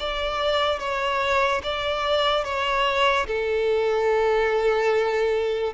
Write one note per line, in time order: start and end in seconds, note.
0.00 0.80 D5
0.80 1.62 C#5
1.63 2.45 D5
2.45 3.27 C#5
3.27 5.74 A4